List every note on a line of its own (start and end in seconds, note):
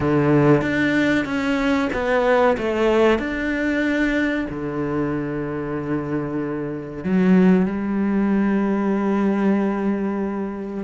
0.00 0.61 D3
0.61 1.25 D4
1.25 1.89 C#4
1.92 2.56 B3
2.57 3.18 A3
3.18 4.46 D4
4.49 7.04 D3
7.04 7.65 F#3
7.65 10.84 G3